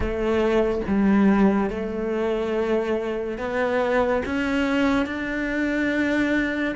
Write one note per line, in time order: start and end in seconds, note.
0.00 0.81 A3
0.87 1.70 G3
1.70 3.38 A3
3.38 4.22 B3
4.25 5.06 C#4
5.06 6.75 D4